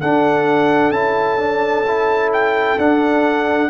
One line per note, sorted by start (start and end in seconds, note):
0.00 0.90 D4
0.00 0.93 D4
0.00 3.69 A4
0.00 0.91 F#5
0.90 2.75 C#4
0.90 1.38 E4
0.90 2.29 A5
1.38 1.84 D4
1.87 2.78 E4
2.33 2.79 G5
2.77 3.69 D4
2.77 3.69 F#5